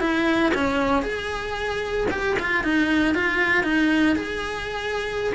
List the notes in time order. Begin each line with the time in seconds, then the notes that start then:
0.00 E4
0.54 C#4
1.02 G#4
2.11 G4
2.39 F4
2.63 D#4
3.14 F4
3.63 D#4
4.16 G#4